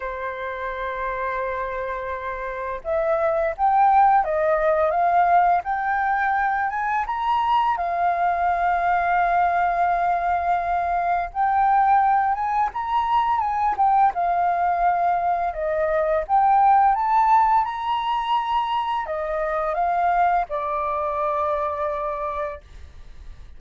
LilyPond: \new Staff \with { instrumentName = "flute" } { \time 4/4 \tempo 4 = 85 c''1 | e''4 g''4 dis''4 f''4 | g''4. gis''8 ais''4 f''4~ | f''1 |
g''4. gis''8 ais''4 gis''8 g''8 | f''2 dis''4 g''4 | a''4 ais''2 dis''4 | f''4 d''2. | }